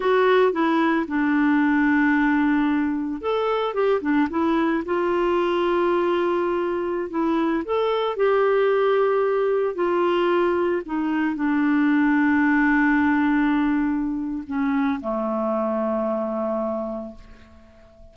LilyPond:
\new Staff \with { instrumentName = "clarinet" } { \time 4/4 \tempo 4 = 112 fis'4 e'4 d'2~ | d'2 a'4 g'8 d'8 | e'4 f'2.~ | f'4~ f'16 e'4 a'4 g'8.~ |
g'2~ g'16 f'4.~ f'16~ | f'16 dis'4 d'2~ d'8.~ | d'2. cis'4 | a1 | }